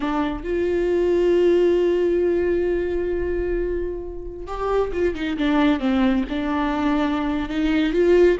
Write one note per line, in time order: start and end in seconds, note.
0.00 0.43 D4
0.43 4.46 F4
4.46 4.91 G4
4.92 5.14 F4
5.14 5.37 D#4
5.37 5.79 D4
5.79 6.24 C4
6.29 7.49 D4
7.49 7.92 D#4
7.92 8.37 F4